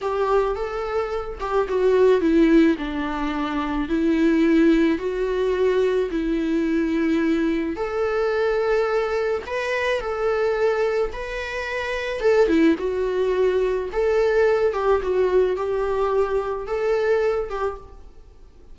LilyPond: \new Staff \with { instrumentName = "viola" } { \time 4/4 \tempo 4 = 108 g'4 a'4. g'8 fis'4 | e'4 d'2 e'4~ | e'4 fis'2 e'4~ | e'2 a'2~ |
a'4 b'4 a'2 | b'2 a'8 e'8 fis'4~ | fis'4 a'4. g'8 fis'4 | g'2 a'4. g'8 | }